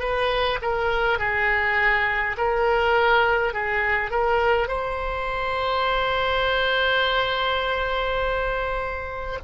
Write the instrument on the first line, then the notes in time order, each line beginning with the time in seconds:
oboe
0.00 B4
0.62 A#4
1.19 G#4
2.38 A#4
3.54 G#4
4.11 A#4
4.68 C5